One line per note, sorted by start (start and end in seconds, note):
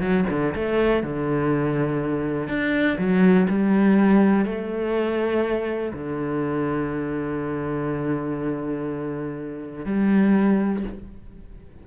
0.00 0.25 F#3
0.29 0.54 D3
0.55 1.03 A3
1.03 2.48 D3
2.48 2.97 D4
2.98 3.47 F#3
3.48 4.45 G3
4.45 5.92 A3
5.93 9.85 D3
9.85 10.84 G3